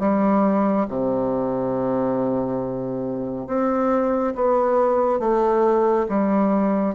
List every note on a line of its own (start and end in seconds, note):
0.00 0.87 G3
0.89 3.47 C3
3.47 4.34 C4
4.35 5.20 B3
5.20 6.07 A3
6.09 6.95 G3